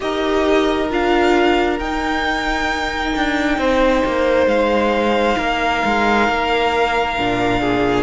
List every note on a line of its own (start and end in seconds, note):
0.00 0.90 D#4
0.00 0.89 G4
0.00 3.59 A#4
0.00 0.90 D#5
0.90 1.79 D4
0.90 1.79 F4
0.90 1.79 F5
1.79 3.13 D#4
1.79 7.18 D#4
1.79 4.47 G5
3.15 3.57 D4
3.57 4.02 C4
3.57 5.37 C5
4.05 4.46 A#3
4.46 5.36 G#3
4.46 8.02 F5
5.37 5.82 A#3
5.37 7.60 A#4
5.85 6.28 G#3
6.28 7.18 A#3
7.18 8.02 A#2
7.18 8.02 D4
7.60 8.02 G#4